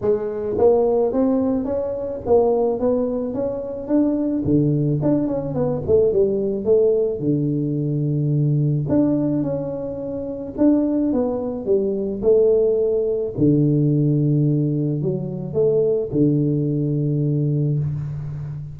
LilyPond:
\new Staff \with { instrumentName = "tuba" } { \time 4/4 \tempo 4 = 108 gis4 ais4 c'4 cis'4 | ais4 b4 cis'4 d'4 | d4 d'8 cis'8 b8 a8 g4 | a4 d2. |
d'4 cis'2 d'4 | b4 g4 a2 | d2. fis4 | a4 d2. | }